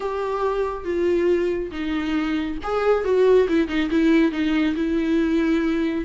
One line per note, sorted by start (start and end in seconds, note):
0.00 0.84 G4
0.84 1.70 F4
1.71 2.57 D#4
2.63 3.04 G#4
3.04 3.47 F#4
3.48 3.67 E4
3.67 3.89 D#4
3.90 4.31 E4
4.31 4.74 D#4
4.75 6.04 E4